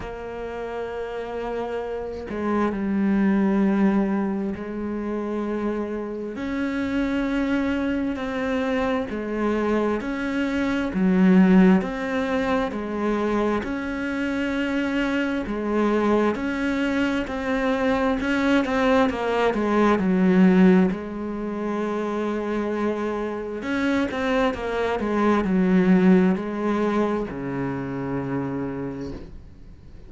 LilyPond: \new Staff \with { instrumentName = "cello" } { \time 4/4 \tempo 4 = 66 ais2~ ais8 gis8 g4~ | g4 gis2 cis'4~ | cis'4 c'4 gis4 cis'4 | fis4 c'4 gis4 cis'4~ |
cis'4 gis4 cis'4 c'4 | cis'8 c'8 ais8 gis8 fis4 gis4~ | gis2 cis'8 c'8 ais8 gis8 | fis4 gis4 cis2 | }